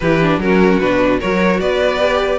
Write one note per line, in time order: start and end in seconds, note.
0.00 0.38 E3
0.00 0.21 E4
0.00 0.41 G4
0.00 0.39 B4
0.21 0.41 D4
0.38 0.78 F#3
0.38 0.80 C#4
0.38 0.79 A#4
0.44 1.19 F#4
0.79 1.20 B2
0.79 1.20 D4
0.79 1.19 B4
1.19 1.60 F#3
1.19 1.99 F#4
1.19 1.59 A#4
1.19 1.60 C#5
1.60 2.38 B3
1.60 2.38 B4
1.60 2.38 D5
1.99 2.38 G4